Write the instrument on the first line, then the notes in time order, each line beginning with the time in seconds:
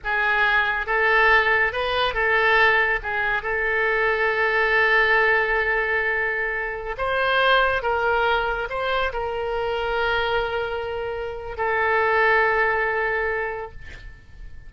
oboe
0.04 G#4
0.86 A4
1.72 B4
2.14 A4
3.02 G#4
3.42 A4
6.97 C5
7.82 A#4
8.69 C5
9.12 A#4
11.57 A4